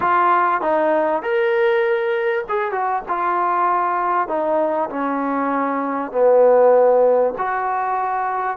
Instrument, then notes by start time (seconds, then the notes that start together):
trombone
0.00 F4
0.61 D#4
1.22 A#4
2.48 G#4
2.71 F#4
3.08 F4
4.28 D#4
4.89 C#4
6.11 B3
7.37 F#4